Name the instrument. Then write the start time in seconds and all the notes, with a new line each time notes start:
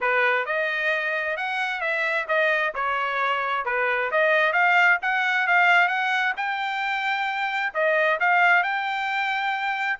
trumpet
0.01 B4
0.45 D#5
1.36 F#5
1.81 E5
2.27 D#5
2.74 C#5
3.65 B4
4.11 D#5
4.52 F5
5.02 F#5
5.47 F5
5.88 F#5
6.36 G5
7.74 D#5
8.20 F5
8.63 G5